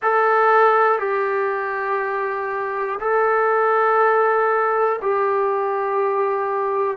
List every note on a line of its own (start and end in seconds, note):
0.02 0.99 A4
0.99 2.99 G4
3.00 5.00 A4
5.01 6.97 G4